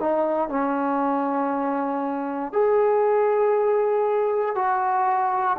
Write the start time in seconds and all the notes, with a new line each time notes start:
0.00 D#4
0.49 C#4
2.52 G#4
4.55 F#4